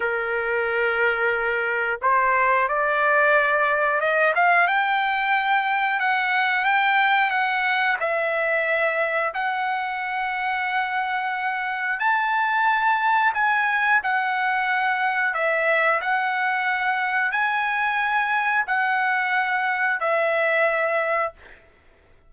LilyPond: \new Staff \with { instrumentName = "trumpet" } { \time 4/4 \tempo 4 = 90 ais'2. c''4 | d''2 dis''8 f''8 g''4~ | g''4 fis''4 g''4 fis''4 | e''2 fis''2~ |
fis''2 a''2 | gis''4 fis''2 e''4 | fis''2 gis''2 | fis''2 e''2 | }